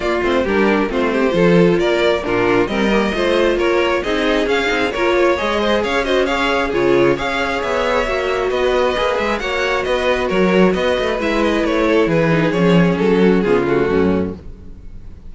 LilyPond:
<<
  \new Staff \with { instrumentName = "violin" } { \time 4/4 \tempo 4 = 134 d''8 c''8 ais'4 c''2 | d''4 ais'4 dis''2 | cis''4 dis''4 f''4 cis''4 | dis''4 f''8 dis''8 f''4 cis''4 |
f''4 e''2 dis''4~ | dis''8 e''8 fis''4 dis''4 cis''4 | dis''4 e''8 dis''8 cis''4 b'4 | cis''4 a'4 gis'8 fis'4. | }
  \new Staff \with { instrumentName = "violin" } { \time 4/4 f'4 g'4 f'8 g'8 a'4 | ais'4 f'4 ais'4 c''4 | ais'4 gis'2 ais'8 cis''8~ | cis''8 c''8 cis''8 c''8 cis''4 gis'4 |
cis''2. b'4~ | b'4 cis''4 b'4 ais'4 | b'2~ b'8 a'8 gis'4~ | gis'4. fis'8 f'4 cis'4 | }
  \new Staff \with { instrumentName = "viola" } { \time 4/4 ais8 c'8 d'4 c'4 f'4~ | f'4 d'4 c'8 ais8 f'4~ | f'4 dis'4 cis'8 dis'8 f'4 | gis'4. fis'8 gis'4 f'4 |
gis'2 fis'2 | gis'4 fis'2.~ | fis'4 e'2~ e'8 dis'8 | cis'2 b8 a4. | }
  \new Staff \with { instrumentName = "cello" } { \time 4/4 ais8 a8 g4 a4 f4 | ais4 ais,4 g4 a4 | ais4 c'4 cis'8 c'8 ais4 | gis4 cis'2 cis4 |
cis'4 b4 ais4 b4 | ais8 gis8 ais4 b4 fis4 | b8 a8 gis4 a4 e4 | f4 fis4 cis4 fis,4 | }
>>